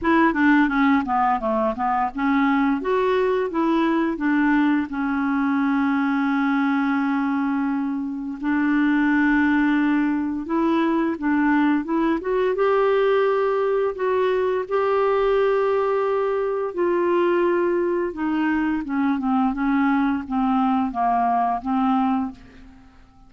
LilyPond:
\new Staff \with { instrumentName = "clarinet" } { \time 4/4 \tempo 4 = 86 e'8 d'8 cis'8 b8 a8 b8 cis'4 | fis'4 e'4 d'4 cis'4~ | cis'1 | d'2. e'4 |
d'4 e'8 fis'8 g'2 | fis'4 g'2. | f'2 dis'4 cis'8 c'8 | cis'4 c'4 ais4 c'4 | }